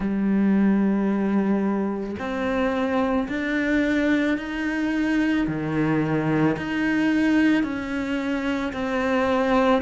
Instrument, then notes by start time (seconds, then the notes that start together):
cello
0.00 G3
2.19 C4
3.28 D4
4.37 D#4
5.47 D#3
6.57 D#4
7.63 C#4
8.73 C4